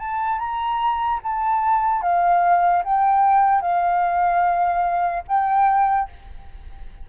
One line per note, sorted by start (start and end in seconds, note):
0.00 0.39 A5
0.39 1.20 A#5
1.24 2.02 A5
2.02 2.83 F5
2.85 3.62 G5
3.62 5.24 F5
5.28 6.09 G5